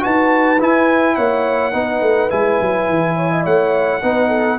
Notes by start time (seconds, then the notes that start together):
0.00 D#4 F#4 B4 A5
0.60 E4 G#5
1.15 A#3 C#5 F#5
1.72 B3 D#4 B4
2.01 A3
2.30 G#3 E4 G#5
2.61 F#3
2.89 E3
3.15 C#5
3.31 D#5
3.44 A3 C#5 F#5
4.02 B3 D#4 B4
4.28 A4